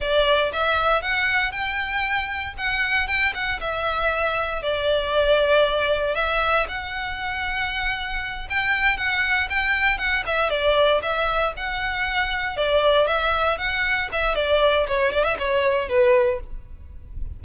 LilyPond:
\new Staff \with { instrumentName = "violin" } { \time 4/4 \tempo 4 = 117 d''4 e''4 fis''4 g''4~ | g''4 fis''4 g''8 fis''8 e''4~ | e''4 d''2. | e''4 fis''2.~ |
fis''8 g''4 fis''4 g''4 fis''8 | e''8 d''4 e''4 fis''4.~ | fis''8 d''4 e''4 fis''4 e''8 | d''4 cis''8 d''16 e''16 cis''4 b'4 | }